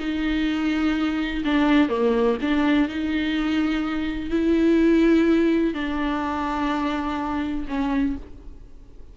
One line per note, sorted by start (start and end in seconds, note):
0.00 1.44 D#4
1.45 1.89 D4
1.89 2.37 A#3
2.42 2.89 D4
2.89 4.31 D#4
4.31 5.74 E4
5.74 7.66 D4
7.69 8.17 C#4